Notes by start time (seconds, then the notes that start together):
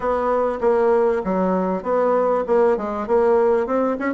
0.00 B3
0.60 A#3
1.24 F#3
1.83 B3
2.46 A#3
2.77 G#3
3.07 A#3
3.66 C4
3.99 C#4